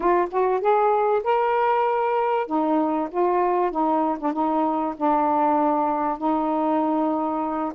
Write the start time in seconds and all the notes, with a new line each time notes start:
0.00 F4
0.31 F#4
0.60 G#4
1.23 A#4
2.47 D#4
3.10 F4
3.71 D#4
4.19 D4
4.32 D#4
4.97 D4
6.18 D#4